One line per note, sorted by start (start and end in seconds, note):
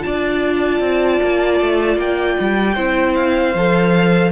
0.00 2.73 F4
0.00 2.75 D5
0.00 1.98 A5
0.06 0.80 D4
0.80 1.19 C4
1.23 1.61 A#3
1.61 1.97 A3
1.97 2.36 A#3
1.97 3.15 G5
2.40 2.77 G3
2.75 3.55 C4
2.75 3.55 E4
2.75 4.31 C5
3.15 4.32 F5
3.55 4.32 F3
3.55 4.32 A4